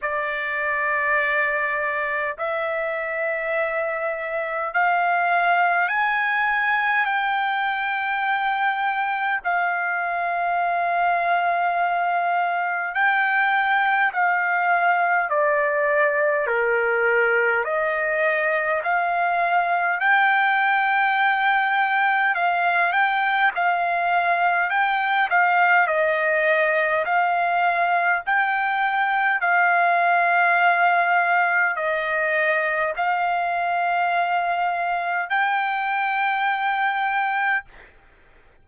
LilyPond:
\new Staff \with { instrumentName = "trumpet" } { \time 4/4 \tempo 4 = 51 d''2 e''2 | f''4 gis''4 g''2 | f''2. g''4 | f''4 d''4 ais'4 dis''4 |
f''4 g''2 f''8 g''8 | f''4 g''8 f''8 dis''4 f''4 | g''4 f''2 dis''4 | f''2 g''2 | }